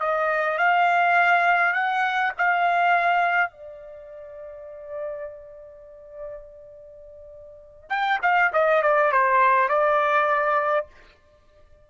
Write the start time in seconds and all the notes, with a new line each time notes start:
0.00 D#5
0.58 F5
1.74 F#5
2.38 F5
3.51 D5
7.90 G5
8.22 F5
8.53 D#5
8.82 D5
9.11 C5
9.69 D5